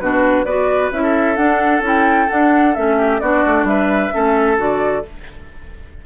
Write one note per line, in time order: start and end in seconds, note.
0.00 0.45 B2
0.00 0.47 D4
0.00 0.45 F#4
0.00 0.44 B4
0.44 0.91 B3
0.44 0.92 F#4
0.44 1.02 B4
0.44 0.90 D5
0.91 1.37 C#4
0.91 1.36 E4
0.91 1.36 E5
1.02 2.97 A4
1.36 1.82 D4
1.36 1.81 D4
1.36 1.82 F#5
1.81 2.26 C#4
1.81 2.28 E4
1.87 2.29 G5
2.29 2.75 D4
2.29 2.77 D4
2.29 2.74 F#5
2.74 3.21 A3
2.74 3.21 C#4
2.74 3.20 E5
2.98 3.20 G4
3.20 3.44 B3
3.20 4.12 D4
3.20 3.67 F#4
3.20 3.65 D5
3.46 3.64 A3
3.64 4.09 G3
3.64 4.14 B4
3.64 4.58 E5
4.12 4.58 A3
4.12 4.56 C#4
4.12 5.06 A4
4.56 5.04 D3
4.56 5.02 F#4
4.56 5.05 D5